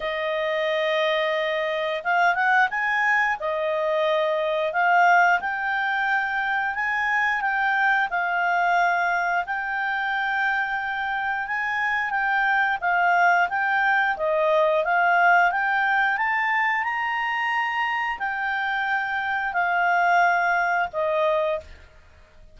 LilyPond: \new Staff \with { instrumentName = "clarinet" } { \time 4/4 \tempo 4 = 89 dis''2. f''8 fis''8 | gis''4 dis''2 f''4 | g''2 gis''4 g''4 | f''2 g''2~ |
g''4 gis''4 g''4 f''4 | g''4 dis''4 f''4 g''4 | a''4 ais''2 g''4~ | g''4 f''2 dis''4 | }